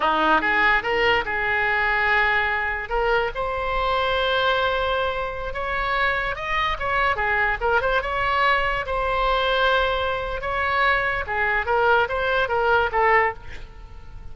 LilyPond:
\new Staff \with { instrumentName = "oboe" } { \time 4/4 \tempo 4 = 144 dis'4 gis'4 ais'4 gis'4~ | gis'2. ais'4 | c''1~ | c''4~ c''16 cis''2 dis''8.~ |
dis''16 cis''4 gis'4 ais'8 c''8 cis''8.~ | cis''4~ cis''16 c''2~ c''8.~ | c''4 cis''2 gis'4 | ais'4 c''4 ais'4 a'4 | }